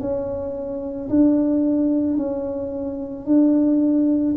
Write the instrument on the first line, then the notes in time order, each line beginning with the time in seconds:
tuba
0.00 C#4
1.10 D4
2.17 C#4
3.26 D4